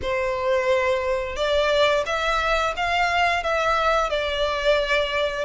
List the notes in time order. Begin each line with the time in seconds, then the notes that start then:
0.02 C5
1.35 D5
2.05 E5
2.76 F5
3.43 E5
4.09 D5